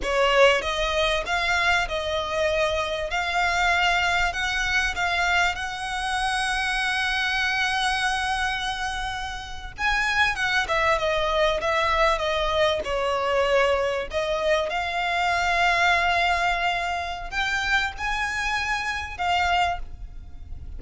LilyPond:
\new Staff \with { instrumentName = "violin" } { \time 4/4 \tempo 4 = 97 cis''4 dis''4 f''4 dis''4~ | dis''4 f''2 fis''4 | f''4 fis''2.~ | fis''2.~ fis''8. gis''16~ |
gis''8. fis''8 e''8 dis''4 e''4 dis''16~ | dis''8. cis''2 dis''4 f''16~ | f''1 | g''4 gis''2 f''4 | }